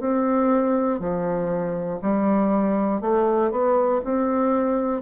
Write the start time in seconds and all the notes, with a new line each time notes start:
0.00 C4
0.99 F3
2.02 G3
3.01 A3
3.51 B3
4.04 C4